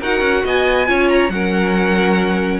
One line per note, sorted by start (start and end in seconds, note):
0.00 0.20 D#4
0.00 0.86 F#4
0.00 0.43 A#4
0.00 0.46 F#5
0.20 0.42 C#4
0.44 0.88 B3
0.44 0.88 D#5
0.44 1.09 G#5
0.86 1.29 C#4
0.86 1.30 F4
0.86 1.32 C#5
1.09 1.29 A#5
1.29 2.59 F#3
1.29 2.60 C#4
1.29 2.60 A#4
1.29 2.60 F#5